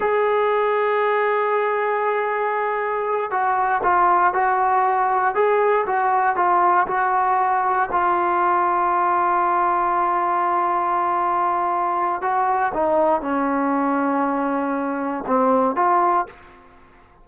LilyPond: \new Staff \with { instrumentName = "trombone" } { \time 4/4 \tempo 4 = 118 gis'1~ | gis'2~ gis'8 fis'4 f'8~ | f'8 fis'2 gis'4 fis'8~ | fis'8 f'4 fis'2 f'8~ |
f'1~ | f'1 | fis'4 dis'4 cis'2~ | cis'2 c'4 f'4 | }